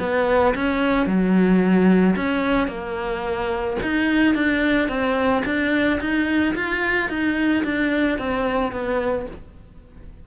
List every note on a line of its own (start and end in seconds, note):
0.00 0.55 B3
0.55 1.07 C#4
1.07 2.16 F#3
2.16 2.68 C#4
2.68 3.77 A#3
3.83 4.35 D#4
4.35 4.88 D4
4.88 5.43 C4
5.45 6.00 D4
6.00 6.55 D#4
6.56 7.09 F4
7.09 7.64 D#4
7.64 8.18 D4
8.18 8.72 C4
8.72 9.27 B3